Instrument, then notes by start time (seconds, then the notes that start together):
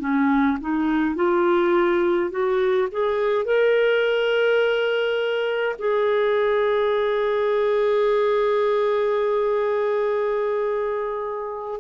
clarinet
0.00 C#4
0.60 D#4
1.15 F4
2.30 F#4
2.91 G#4
3.45 A#4
5.78 G#4